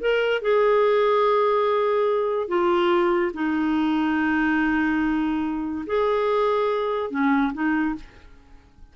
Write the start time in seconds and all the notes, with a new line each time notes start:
0.00 A#4
0.42 G#4
2.48 F4
3.34 D#4
5.86 G#4
7.10 C#4
7.53 D#4